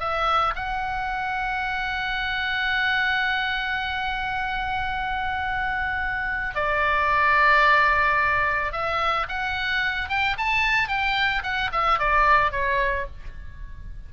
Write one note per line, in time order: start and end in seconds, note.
0.00 0.55 E5
0.56 6.55 F#5
6.55 8.72 D5
8.72 9.27 E5
9.29 10.09 F#5
10.09 10.37 G5
10.38 10.88 A5
10.88 11.43 G5
11.43 11.71 F#5
11.72 12.00 E5
12.00 12.52 D5
12.52 13.06 C#5